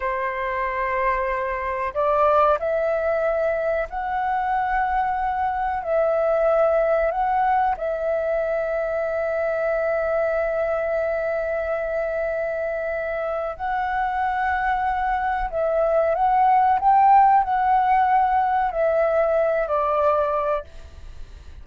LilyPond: \new Staff \with { instrumentName = "flute" } { \time 4/4 \tempo 4 = 93 c''2. d''4 | e''2 fis''2~ | fis''4 e''2 fis''4 | e''1~ |
e''1~ | e''4 fis''2. | e''4 fis''4 g''4 fis''4~ | fis''4 e''4. d''4. | }